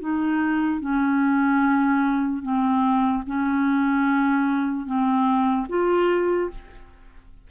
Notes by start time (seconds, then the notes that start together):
0.00 D#4
0.80 C#4
2.42 C4
3.26 C#4
4.85 C4
5.69 F4